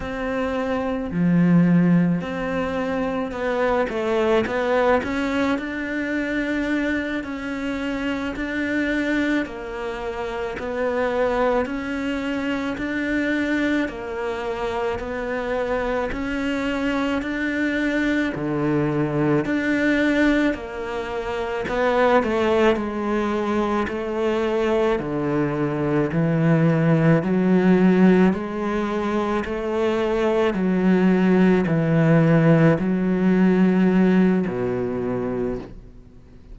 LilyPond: \new Staff \with { instrumentName = "cello" } { \time 4/4 \tempo 4 = 54 c'4 f4 c'4 b8 a8 | b8 cis'8 d'4. cis'4 d'8~ | d'8 ais4 b4 cis'4 d'8~ | d'8 ais4 b4 cis'4 d'8~ |
d'8 d4 d'4 ais4 b8 | a8 gis4 a4 d4 e8~ | e8 fis4 gis4 a4 fis8~ | fis8 e4 fis4. b,4 | }